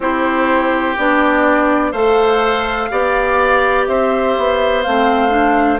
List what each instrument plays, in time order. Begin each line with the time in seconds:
0.00 bassoon C4, clarinet E4, oboe G4, flute C5
0.97 bassoon B3, clarinet D4, flute D5
1.91 bassoon A3, clarinet A4, oboe C5, flute F5
2.91 bassoon B3, clarinet G4, oboe D5
3.86 bassoon C4, oboe C5, flute E5
4.37 bassoon B3
4.82 bassoon A3, clarinet C4, flute F5
5.29 clarinet D4